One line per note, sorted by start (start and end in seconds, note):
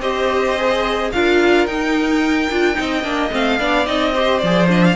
0.00 1.10 C4
0.00 0.57 G4
0.00 1.11 C5
0.00 1.11 D#5
0.57 1.12 G#4
1.12 1.67 D4
1.12 1.68 F4
1.12 2.78 A#4
1.12 1.66 F5
1.66 2.49 D#4
1.66 2.50 D#4
1.66 3.31 G5
2.50 2.78 D4
2.50 2.74 F4
2.74 3.03 C4
2.74 3.02 D#4
2.74 3.59 D#5
3.03 3.31 A#3
3.03 3.30 D4
3.30 3.60 A3
3.30 3.58 C4
3.30 3.86 F5
3.59 3.87 B3
3.59 3.86 D4
3.59 4.13 D5
3.86 4.42 C4
3.86 4.13 D#4
3.86 4.39 D#5
4.13 4.42 G4
4.13 4.95 C5
4.39 4.96 F3
4.39 4.68 G#4
4.39 4.67 D5
4.68 4.96 D4
4.68 4.84 D#5
4.84 4.96 F5